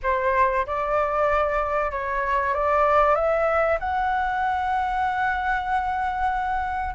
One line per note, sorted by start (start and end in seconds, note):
0.02 0.65 C5
0.66 1.91 D5
1.91 2.54 C#5
2.54 3.15 D5
3.15 3.78 E5
3.79 6.94 F#5